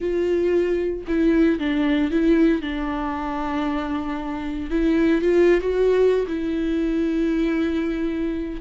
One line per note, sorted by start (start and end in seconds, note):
0.00 1.05 F4
1.07 1.59 E4
1.59 2.10 D4
2.10 2.61 E4
2.61 4.70 D4
4.70 5.21 E4
5.21 5.60 F4
5.60 6.25 F#4
6.27 8.61 E4